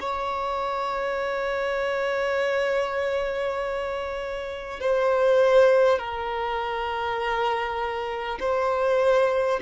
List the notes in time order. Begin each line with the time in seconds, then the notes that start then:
0.00 C#5
4.81 C5
5.99 A#4
8.39 C5